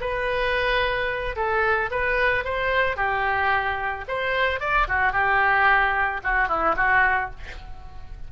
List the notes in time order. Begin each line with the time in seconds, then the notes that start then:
0.00 B4
1.36 A4
1.90 B4
2.44 C5
2.96 G4
4.08 C5
4.60 D5
4.88 F#4
5.12 G4
6.23 F#4
6.48 E4
6.76 F#4